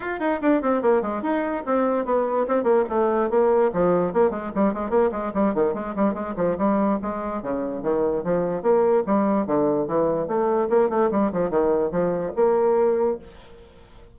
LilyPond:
\new Staff \with { instrumentName = "bassoon" } { \time 4/4 \tempo 4 = 146 f'8 dis'8 d'8 c'8 ais8 gis8 dis'4 | c'4 b4 c'8 ais8 a4 | ais4 f4 ais8 gis8 g8 gis8 | ais8 gis8 g8 dis8 gis8 g8 gis8 f8 |
g4 gis4 cis4 dis4 | f4 ais4 g4 d4 | e4 a4 ais8 a8 g8 f8 | dis4 f4 ais2 | }